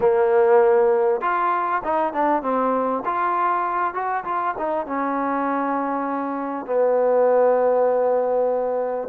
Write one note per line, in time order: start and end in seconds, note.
0.00 1.21 A#3
1.21 1.81 F4
1.84 2.13 D#4
2.13 2.42 D4
2.42 3.03 C4
3.05 3.93 F4
3.93 4.24 F#4
4.24 4.54 F4
4.58 4.86 D#4
4.86 6.65 C#4
6.65 9.08 B3